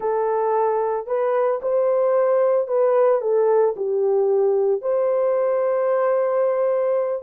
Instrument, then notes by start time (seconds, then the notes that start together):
horn
0.00 A4
1.06 B4
1.61 C5
2.67 B4
3.21 A4
3.76 G4
4.81 C5